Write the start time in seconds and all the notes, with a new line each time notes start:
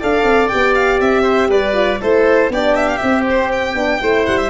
0.00 D4 A4 D5 F5
0.24 C4
0.49 B3 G4 G5
0.75 F5
1.01 C4 E5
1.23 C5
1.49 G3 B4 D5
1.74 F4
2.01 A3 E4 A4 C5
2.49 B3 D4 G4 D5
2.76 E5
2.88 F5
2.97 C4 E5
3.04 C4
3.30 C5
3.52 G5
3.75 B3 D4
3.99 A3 E4 C5
4.26 G3 F#5
4.38 E5